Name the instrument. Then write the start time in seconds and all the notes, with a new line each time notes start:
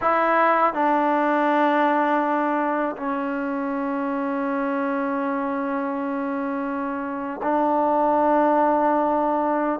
trombone
0.01 E4
0.73 D4
2.96 C#4
7.42 D4